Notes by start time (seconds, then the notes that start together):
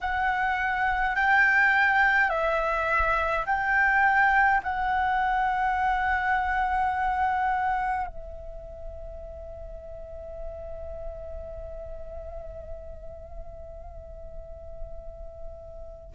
0.00 F#5
1.15 G5
2.29 E5
3.46 G5
4.63 F#5
8.07 E5